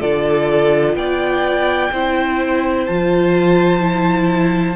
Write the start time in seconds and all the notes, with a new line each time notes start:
0.00 D3 F4 A4 D5
0.95 B3 D5 G5
1.92 C4 E4 C5
2.86 F3 F4 A5
3.80 E4